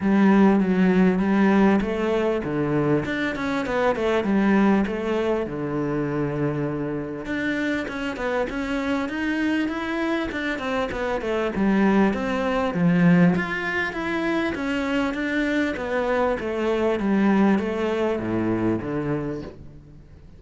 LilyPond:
\new Staff \with { instrumentName = "cello" } { \time 4/4 \tempo 4 = 99 g4 fis4 g4 a4 | d4 d'8 cis'8 b8 a8 g4 | a4 d2. | d'4 cis'8 b8 cis'4 dis'4 |
e'4 d'8 c'8 b8 a8 g4 | c'4 f4 f'4 e'4 | cis'4 d'4 b4 a4 | g4 a4 a,4 d4 | }